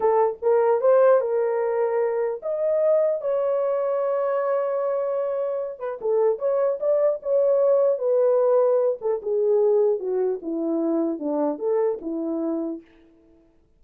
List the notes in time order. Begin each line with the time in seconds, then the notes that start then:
0.00 A4
0.41 A#4
0.80 C5
1.21 A#4
2.42 D#5
3.21 C#5
5.79 B4
6.01 A4
6.39 C#5
6.80 D5
7.22 C#5
7.98 B4
9.01 A4
9.22 G#4
9.99 F#4
10.42 E4
11.19 D4
11.58 A4
12.01 E4